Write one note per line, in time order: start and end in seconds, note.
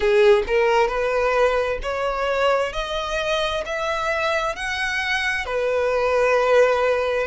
0.00 0.43 G#4
0.47 0.88 A#4
0.88 1.79 B4
1.82 2.73 C#5
2.73 3.64 D#5
3.65 4.55 E5
4.55 5.45 F#5
5.45 7.27 B4